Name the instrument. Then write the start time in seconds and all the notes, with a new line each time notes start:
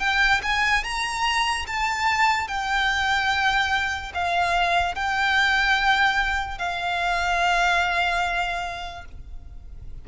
violin
0.00 G5
0.43 G#5
0.84 A#5
1.67 A5
2.48 G5
4.14 F5
4.95 G5
6.58 F5